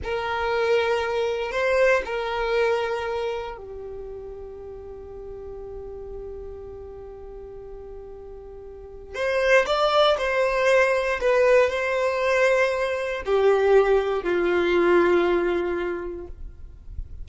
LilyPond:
\new Staff \with { instrumentName = "violin" } { \time 4/4 \tempo 4 = 118 ais'2. c''4 | ais'2. g'4~ | g'1~ | g'1~ |
g'2 c''4 d''4 | c''2 b'4 c''4~ | c''2 g'2 | f'1 | }